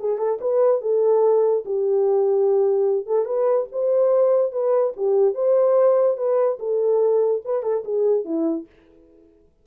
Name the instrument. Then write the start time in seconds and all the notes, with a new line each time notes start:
horn
0.00 G#4
0.18 A4
0.41 B4
0.82 A4
1.66 G4
3.07 A4
3.26 B4
3.72 C5
4.52 B4
4.97 G4
5.35 C5
6.17 B4
6.60 A4
7.45 B4
7.63 A4
7.85 G#4
8.25 E4